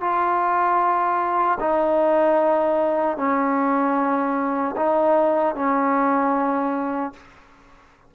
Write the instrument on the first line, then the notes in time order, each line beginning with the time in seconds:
trombone
0.00 F4
1.60 D#4
3.17 C#4
4.76 D#4
5.55 C#4